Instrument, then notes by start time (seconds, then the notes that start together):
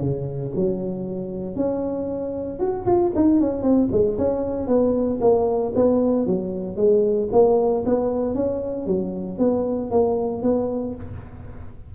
tuba
0.00 C#3
0.55 F#3
1.55 C#4
2.59 F#4
2.86 F4
3.15 D#4
3.40 C#4
3.62 C4
3.92 G#3
4.18 C#4
4.67 B3
5.21 A#3
5.75 B3
6.26 F#3
6.76 G#3
7.32 A#3
7.85 B3
8.35 C#4
8.86 F#3
9.38 B3
9.91 A#3
10.43 B3